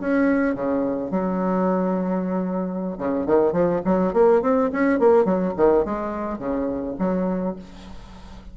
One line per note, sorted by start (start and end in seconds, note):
0.00 0.55 C#4
0.55 1.11 C#3
1.11 2.97 F#3
2.98 3.26 C#3
3.26 3.52 D#3
3.52 3.81 F3
3.85 4.13 F#3
4.13 4.42 A#3
4.42 4.70 C4
4.72 4.99 C#4
4.99 5.25 A#3
5.25 5.53 F#3
5.57 5.85 D#3
5.85 6.38 G#3
6.38 6.96 C#3
6.99 7.56 F#3